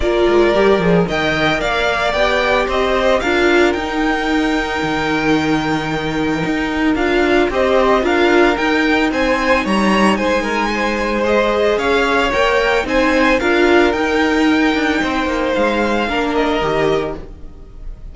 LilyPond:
<<
  \new Staff \with { instrumentName = "violin" } { \time 4/4 \tempo 4 = 112 d''2 g''4 f''4 | g''4 dis''4 f''4 g''4~ | g''1~ | g''4 f''4 dis''4 f''4 |
g''4 gis''4 ais''4 gis''4~ | gis''4 dis''4 f''4 g''4 | gis''4 f''4 g''2~ | g''4 f''4. dis''4. | }
  \new Staff \with { instrumentName = "violin" } { \time 4/4 ais'2 dis''4 d''4~ | d''4 c''4 ais'2~ | ais'1~ | ais'2 c''4 ais'4~ |
ais'4 c''4 cis''4 c''8 ais'8 | c''2 cis''2 | c''4 ais'2. | c''2 ais'2 | }
  \new Staff \with { instrumentName = "viola" } { \time 4/4 f'4 g'8 gis'8 ais'2 | g'2 f'4 dis'4~ | dis'1~ | dis'4 f'4 g'4 f'4 |
dis'1~ | dis'4 gis'2 ais'4 | dis'4 f'4 dis'2~ | dis'2 d'4 g'4 | }
  \new Staff \with { instrumentName = "cello" } { \time 4/4 ais8 gis8 g8 f8 dis4 ais4 | b4 c'4 d'4 dis'4~ | dis'4 dis2. | dis'4 d'4 c'4 d'4 |
dis'4 c'4 g4 gis4~ | gis2 cis'4 ais4 | c'4 d'4 dis'4. d'8 | c'8 ais8 gis4 ais4 dis4 | }
>>